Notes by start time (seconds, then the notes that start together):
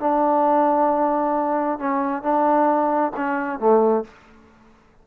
0.00 D4
1.79 C#4
2.23 D4
3.16 C#4
3.60 A3